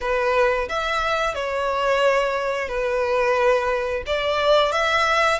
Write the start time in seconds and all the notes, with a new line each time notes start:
0.00 B4
0.68 E5
1.34 C#5
2.68 B4
4.06 D5
4.72 E5